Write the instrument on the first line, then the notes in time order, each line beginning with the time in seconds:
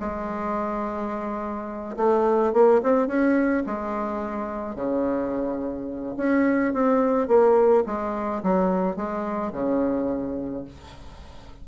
bassoon
0.00 G#3
1.97 A3
2.53 A#3
2.83 C4
3.07 C#4
3.66 G#3
4.76 C#3
6.17 C#4
6.74 C4
7.28 A#3
7.87 G#3
8.43 F#3
8.96 G#3
9.53 C#3